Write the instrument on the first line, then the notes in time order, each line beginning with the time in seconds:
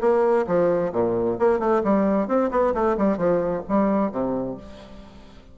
bassoon
0.00 A#3
0.46 F3
0.92 A#2
1.39 A#3
1.59 A3
1.83 G3
2.27 C4
2.51 B3
2.74 A3
2.97 G3
3.17 F3
3.68 G3
4.11 C3